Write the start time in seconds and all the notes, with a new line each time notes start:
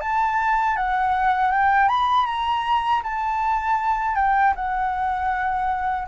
0.00 A5
0.76 F#5
1.51 G5
1.88 B5
2.25 A#5
3.03 A5
4.15 G5
4.55 F#5